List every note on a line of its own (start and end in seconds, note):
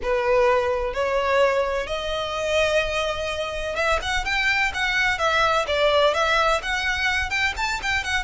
0.02 0.93 B4
0.93 1.87 C#5
1.87 3.75 D#5
3.75 3.99 E5
4.02 4.24 F#5
4.24 4.72 G5
4.74 5.18 F#5
5.18 5.65 E5
5.67 6.14 D5
6.14 6.61 E5
6.62 7.29 F#5
7.29 7.53 G5
7.56 7.80 A5
7.82 8.03 G5
8.03 8.24 F#5